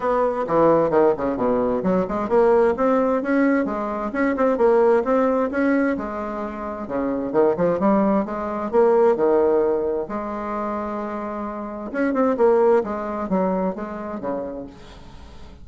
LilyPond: \new Staff \with { instrumentName = "bassoon" } { \time 4/4 \tempo 4 = 131 b4 e4 dis8 cis8 b,4 | fis8 gis8 ais4 c'4 cis'4 | gis4 cis'8 c'8 ais4 c'4 | cis'4 gis2 cis4 |
dis8 f8 g4 gis4 ais4 | dis2 gis2~ | gis2 cis'8 c'8 ais4 | gis4 fis4 gis4 cis4 | }